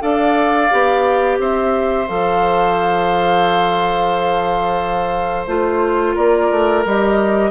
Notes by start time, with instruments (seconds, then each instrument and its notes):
0.00 bassoon D4, clarinet A4, oboe D5, flute F5
0.70 bassoon B3, clarinet G4
1.38 bassoon C4, oboe C5, flute E5
2.07 bassoon F3, clarinet A4, flute F5
5.46 bassoon A3, clarinet F4, flute C5
6.15 bassoon A#3, oboe A#4, flute D5
6.50 bassoon A3
6.85 bassoon G3, clarinet G4, flute D#5